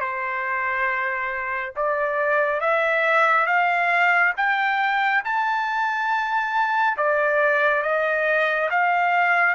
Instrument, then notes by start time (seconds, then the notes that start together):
trumpet
0.00 C5
1.75 D5
2.60 E5
3.46 F5
4.36 G5
5.24 A5
6.97 D5
7.82 D#5
8.70 F5